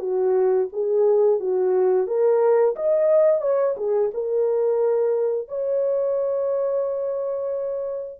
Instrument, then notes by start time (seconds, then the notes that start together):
horn
0.00 F#4
0.73 G#4
1.40 F#4
2.07 A#4
2.76 D#5
3.42 C#5
3.77 G#4
4.14 A#4
5.49 C#5